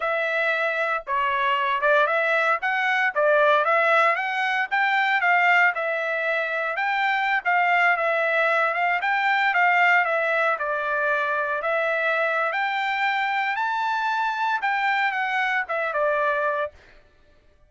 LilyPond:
\new Staff \with { instrumentName = "trumpet" } { \time 4/4 \tempo 4 = 115 e''2 cis''4. d''8 | e''4 fis''4 d''4 e''4 | fis''4 g''4 f''4 e''4~ | e''4 g''4~ g''16 f''4 e''8.~ |
e''8. f''8 g''4 f''4 e''8.~ | e''16 d''2 e''4.~ e''16 | g''2 a''2 | g''4 fis''4 e''8 d''4. | }